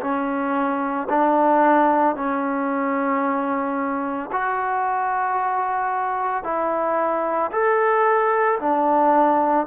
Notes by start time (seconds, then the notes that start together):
0.00 C#4
1.09 D4
2.15 C#4
4.31 F#4
6.43 E4
7.51 A4
8.59 D4